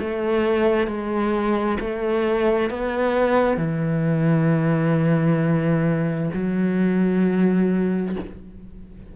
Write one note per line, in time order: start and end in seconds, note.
0.00 0.87 A3
0.87 1.78 G#3
1.80 2.70 A3
2.70 3.57 B3
3.57 6.30 E3
6.34 8.16 F#3